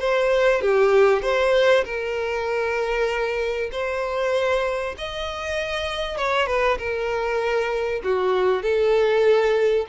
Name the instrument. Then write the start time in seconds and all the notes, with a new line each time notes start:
violin
0.00 C5
0.62 G4
1.23 C5
1.85 A#4
3.72 C5
4.98 D#5
6.18 C#5
6.47 B4
6.78 A#4
8.04 F#4
8.63 A4